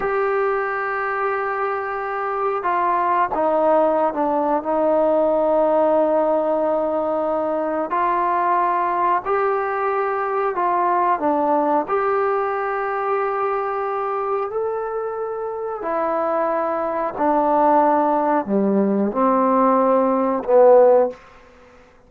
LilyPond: \new Staff \with { instrumentName = "trombone" } { \time 4/4 \tempo 4 = 91 g'1 | f'4 dis'4~ dis'16 d'8. dis'4~ | dis'1 | f'2 g'2 |
f'4 d'4 g'2~ | g'2 a'2 | e'2 d'2 | g4 c'2 b4 | }